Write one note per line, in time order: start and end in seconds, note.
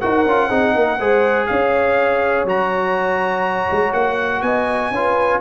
0.00 0.26 D#4
0.00 0.26 F#4
0.00 0.49 A#4
0.00 1.47 F#5
0.26 0.51 C#4
0.26 0.50 F4
0.49 0.75 C4
0.49 0.99 D#4
0.49 0.73 G#4
0.75 1.00 A#3
0.75 0.98 A#4
0.98 1.49 G#3
0.98 2.48 G#4
0.98 1.48 C5
1.47 2.44 C#4
1.47 4.44 C#5
1.47 2.45 F5
2.44 3.67 F#3
2.44 4.94 F#4
2.44 3.93 A#5
3.72 3.94 G#3
3.93 4.42 A#3
3.93 4.42 F#5
4.42 4.91 B3
4.42 4.93 D#5
4.42 5.40 G#5
4.91 5.40 C#4
4.91 5.41 F4
4.91 5.41 B4